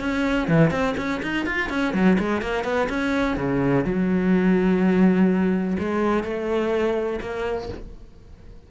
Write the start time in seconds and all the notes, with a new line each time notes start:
0.00 C#4
0.48 E3
0.71 C4
0.97 C#4
1.22 D#4
1.46 F4
1.70 C#4
1.94 F#3
2.18 G#3
2.41 A#3
2.64 B3
2.89 C#4
3.37 C#3
3.85 F#3
5.79 G#3
6.23 A3
7.21 A#3